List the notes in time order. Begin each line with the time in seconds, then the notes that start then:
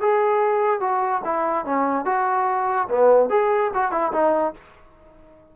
0.00 G#4
0.80 F#4
1.24 E4
1.65 C#4
2.05 F#4
2.88 B3
3.30 G#4
3.74 F#4
3.91 E4
4.12 D#4